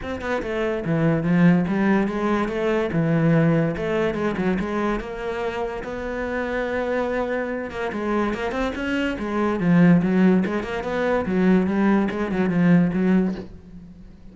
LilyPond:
\new Staff \with { instrumentName = "cello" } { \time 4/4 \tempo 4 = 144 c'8 b8 a4 e4 f4 | g4 gis4 a4 e4~ | e4 a4 gis8 fis8 gis4 | ais2 b2~ |
b2~ b8 ais8 gis4 | ais8 c'8 cis'4 gis4 f4 | fis4 gis8 ais8 b4 fis4 | g4 gis8 fis8 f4 fis4 | }